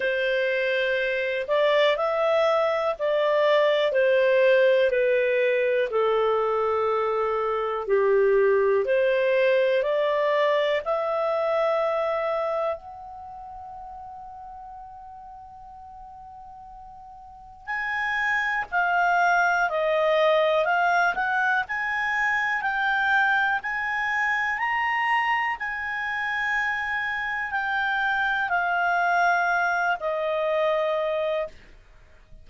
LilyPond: \new Staff \with { instrumentName = "clarinet" } { \time 4/4 \tempo 4 = 61 c''4. d''8 e''4 d''4 | c''4 b'4 a'2 | g'4 c''4 d''4 e''4~ | e''4 fis''2.~ |
fis''2 gis''4 f''4 | dis''4 f''8 fis''8 gis''4 g''4 | gis''4 ais''4 gis''2 | g''4 f''4. dis''4. | }